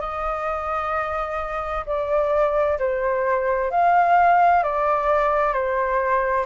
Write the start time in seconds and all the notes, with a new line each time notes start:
0.00 D#5
1.85 D5
2.79 C5
3.70 F5
4.63 D5
5.53 C5